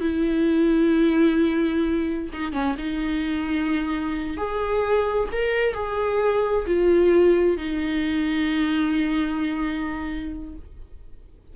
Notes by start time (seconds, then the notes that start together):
0.00 E4
2.32 D#4
2.52 C#4
2.78 D#4
4.37 G#4
5.32 A#4
5.74 G#4
6.66 F4
7.57 D#4